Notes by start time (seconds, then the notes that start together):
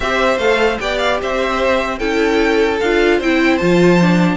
0.00 C4 G4 C5 E5
0.37 A3 A4 F5
0.79 B3 G4 D5 G5
0.98 F5
1.21 C4 C5 E5
1.98 C#4 E4 A4 G5
2.79 D4 F4 F5
3.17 C4 E4 C5 G5
3.57 F3 F4 A5
4.00 D4